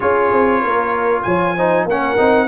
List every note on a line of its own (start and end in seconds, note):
0.00 0.32 C#4
0.00 1.56 F4
0.00 0.61 G#4
0.00 1.23 C#5
0.32 0.63 C4
0.61 1.25 A#3
0.61 1.23 A#4
1.23 1.85 F3
1.23 1.56 C#5
1.23 1.85 G#5
1.56 1.89 D#4
1.56 1.88 C5
1.85 2.16 A#3
1.85 2.17 C#4
1.85 2.47 A#4
1.85 2.47 F#5
2.17 2.47 C4
2.17 2.47 D#4